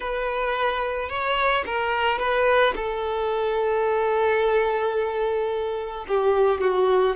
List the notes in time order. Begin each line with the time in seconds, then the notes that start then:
0.00 B4
1.09 C#5
1.66 A#4
2.19 B4
2.75 A4
6.08 G4
6.61 F#4